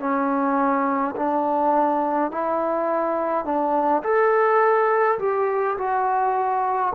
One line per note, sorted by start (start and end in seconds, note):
0.00 1.15 C#4
1.16 2.31 D4
2.31 3.45 E4
3.45 4.03 D4
4.03 5.19 A4
5.19 5.77 G4
5.78 6.93 F#4